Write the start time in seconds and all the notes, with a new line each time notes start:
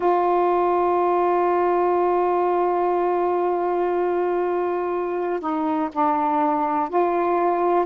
0.00 F4
5.40 D#4
5.92 D4
6.89 F4